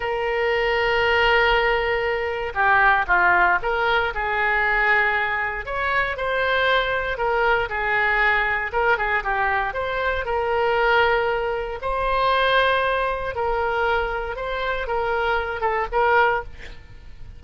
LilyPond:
\new Staff \with { instrumentName = "oboe" } { \time 4/4 \tempo 4 = 117 ais'1~ | ais'4 g'4 f'4 ais'4 | gis'2. cis''4 | c''2 ais'4 gis'4~ |
gis'4 ais'8 gis'8 g'4 c''4 | ais'2. c''4~ | c''2 ais'2 | c''4 ais'4. a'8 ais'4 | }